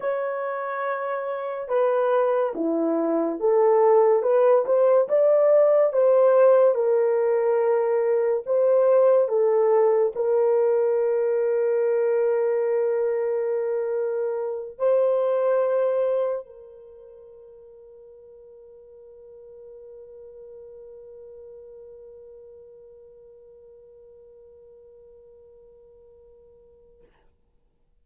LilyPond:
\new Staff \with { instrumentName = "horn" } { \time 4/4 \tempo 4 = 71 cis''2 b'4 e'4 | a'4 b'8 c''8 d''4 c''4 | ais'2 c''4 a'4 | ais'1~ |
ais'4. c''2 ais'8~ | ais'1~ | ais'1~ | ais'1 | }